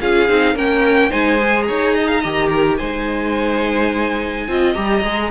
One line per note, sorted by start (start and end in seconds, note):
0.00 0.29 C#4
0.00 0.28 F4
0.00 0.54 G#4
0.00 0.56 F5
0.28 0.54 C4
0.28 0.55 D#4
0.54 1.10 A#3
0.54 1.10 C#4
0.54 1.09 A#4
0.54 1.11 G5
1.09 1.69 G#3
1.09 1.37 D#4
1.09 1.65 C5
1.09 1.62 G#5
1.37 2.22 G#4
1.62 1.95 C#5
1.62 2.74 A#5
1.69 2.24 D#4
1.95 2.07 D#5
2.07 2.20 F5
2.20 2.79 D#3
2.20 2.79 G4
2.20 2.48 D#5
2.49 2.77 A#4
2.77 4.47 G#3
2.77 4.48 D#4
2.77 4.46 C5
2.77 4.73 G#5
4.47 4.75 C4
4.47 4.74 F4
4.47 5.30 D#5
4.73 5.03 G3
4.73 5.02 G4
4.73 5.29 A#5
5.03 5.30 G#3
5.03 5.30 G#4